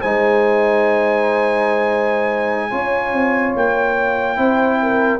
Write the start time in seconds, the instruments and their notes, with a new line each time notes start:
0.00 tuba G#3, trombone D#4, horn C5, trumpet G#5
2.70 tuba C#4, trombone F4, horn C#5
3.13 tuba C4
3.55 tuba A#3, trumpet G5
4.36 tuba C4, trombone E4, horn C5
4.82 horn A#4